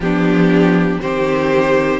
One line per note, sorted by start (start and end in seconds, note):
0.00 0.98 F3
0.00 1.01 B3
0.00 1.00 D4
0.00 1.00 G4
1.00 2.00 D#3
1.00 2.00 C4
1.00 2.00 G4
1.00 2.00 C5